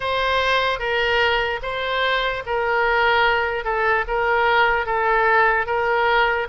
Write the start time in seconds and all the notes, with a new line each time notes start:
0.00 C5
0.79 A#4
1.62 C5
2.45 A#4
3.64 A4
4.07 A#4
4.86 A4
5.66 A#4